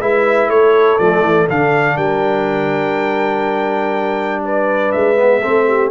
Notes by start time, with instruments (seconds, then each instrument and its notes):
0.00 tuba G#3, trombone E4, horn B4, trumpet E5
0.49 tuba A3, horn A4, trumpet C#5
0.99 tuba F3, trombone A3, trumpet D5
1.23 tuba E3
1.50 tuba D3, trombone D4, trumpet F5
1.97 tuba G3, horn A#4, trumpet G5
4.45 horn B4, trumpet D5
4.93 tuba G#3, trumpet E5
5.17 trombone B3
5.42 tuba A3, trombone C4, horn A4
5.68 horn G4